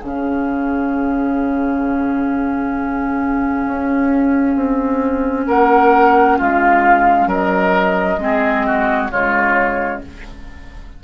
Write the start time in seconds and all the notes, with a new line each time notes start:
0.00 C#3 C#4 G#4 F5
3.66 C#4
4.56 C4
5.47 A#3 A#4 F#5
6.38 G#3 F4 F5
7.27 F#3 A#4 D#5
8.18 G#3 C4 G#4
8.66 F#4
9.10 C#3 G#3 F4 C#5